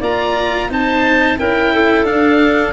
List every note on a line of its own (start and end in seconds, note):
0.00 0.68 A#3
0.00 0.69 F4
0.00 0.68 D5
0.00 0.71 A#5
0.69 1.38 C4
0.69 1.37 D#4
0.69 1.38 C5
0.69 1.39 A5
1.38 2.04 C#4
1.38 2.05 E4
1.38 1.73 A#4
1.38 2.05 G5
1.73 2.73 A4
2.04 2.72 D4
2.04 2.73 D4
2.04 2.73 F5